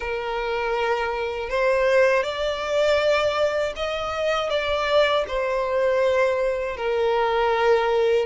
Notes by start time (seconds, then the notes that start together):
0.00 A#4
1.49 C5
2.23 D5
3.75 D#5
4.49 D5
5.27 C5
6.76 A#4